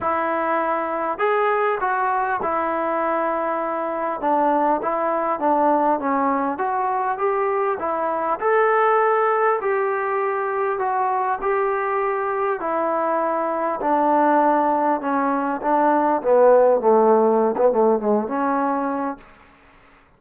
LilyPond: \new Staff \with { instrumentName = "trombone" } { \time 4/4 \tempo 4 = 100 e'2 gis'4 fis'4 | e'2. d'4 | e'4 d'4 cis'4 fis'4 | g'4 e'4 a'2 |
g'2 fis'4 g'4~ | g'4 e'2 d'4~ | d'4 cis'4 d'4 b4 | a4~ a16 b16 a8 gis8 cis'4. | }